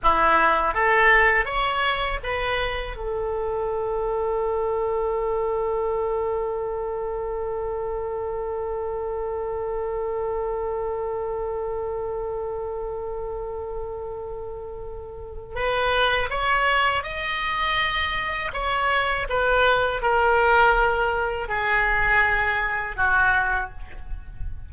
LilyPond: \new Staff \with { instrumentName = "oboe" } { \time 4/4 \tempo 4 = 81 e'4 a'4 cis''4 b'4 | a'1~ | a'1~ | a'1~ |
a'1~ | a'4 b'4 cis''4 dis''4~ | dis''4 cis''4 b'4 ais'4~ | ais'4 gis'2 fis'4 | }